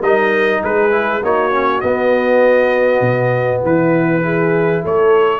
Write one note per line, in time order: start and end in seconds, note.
0.00 0.62 G3
0.00 0.91 D#4
0.00 0.60 A#4
0.00 0.63 D#5
0.62 1.23 G#3
0.62 1.22 G#4
0.62 1.24 B4
0.91 1.21 E4
1.23 1.83 A#3
1.23 1.52 D#4
1.23 3.63 F#4
1.23 1.81 C#5
1.52 1.82 C#4
1.81 3.01 B3
1.81 4.22 B3
1.81 3.61 D#5
3.01 3.61 B2
3.64 4.84 E3
3.64 4.24 E4
3.64 4.85 B4
4.22 5.40 E4
4.22 4.83 G#4
4.83 5.40 A3
4.83 5.40 A4
4.83 5.40 C#5